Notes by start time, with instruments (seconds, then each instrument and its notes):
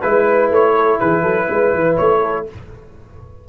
0.00 tuba G#3, trombone E4, horn B4, trumpet B4
0.50 tuba A3, trumpet C#5
0.75 horn A4
1.00 tuba E3, horn G#4, trumpet B4
1.22 tuba F#3, horn A4
1.48 tuba G#3, horn B4
1.73 tuba E3
1.96 tuba A3, trumpet C#5
2.22 horn A4